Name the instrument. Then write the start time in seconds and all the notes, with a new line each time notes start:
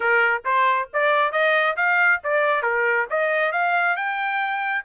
trumpet
0.00 A#4
0.44 C5
0.93 D5
1.32 D#5
1.76 F5
2.23 D5
2.62 A#4
3.10 D#5
3.52 F5
3.96 G5